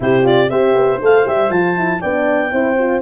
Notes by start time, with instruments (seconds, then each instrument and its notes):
0.00 tuba C3, horn E4 G4, clarinet C5
0.23 horn F4, clarinet D5
0.49 tuba C4, horn G4 C5, clarinet E5
0.74 tuba B3
1.01 tuba A3, horn A4, clarinet F5
1.26 tuba G3, horn G4, clarinet E5
1.49 tuba F3, horn F4, clarinet A5
1.76 horn E4
2.00 tuba B3, horn D4 D5, clarinet G5
2.51 tuba C4, horn E4 C5
2.78 horn F4